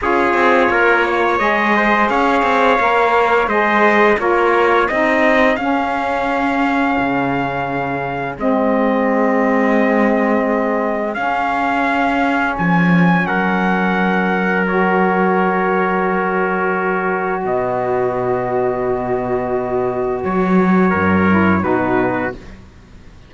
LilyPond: <<
  \new Staff \with { instrumentName = "trumpet" } { \time 4/4 \tempo 4 = 86 cis''2 dis''4 f''4~ | f''4 dis''4 cis''4 dis''4 | f''1 | dis''1 |
f''2 gis''4 fis''4~ | fis''4 cis''2.~ | cis''4 dis''2.~ | dis''4 cis''2 b'4 | }
  \new Staff \with { instrumentName = "trumpet" } { \time 4/4 gis'4 ais'8 cis''4 c''8 cis''4~ | cis''4 c''4 ais'4 gis'4~ | gis'1~ | gis'1~ |
gis'2. ais'4~ | ais'1~ | ais'4 b'2.~ | b'2 ais'4 fis'4 | }
  \new Staff \with { instrumentName = "saxophone" } { \time 4/4 f'2 gis'2 | ais'4 gis'4 f'4 dis'4 | cis'1 | c'1 |
cis'1~ | cis'4 fis'2.~ | fis'1~ | fis'2~ fis'8 e'8 dis'4 | }
  \new Staff \with { instrumentName = "cello" } { \time 4/4 cis'8 c'8 ais4 gis4 cis'8 c'8 | ais4 gis4 ais4 c'4 | cis'2 cis2 | gis1 |
cis'2 f4 fis4~ | fis1~ | fis4 b,2.~ | b,4 fis4 fis,4 b,4 | }
>>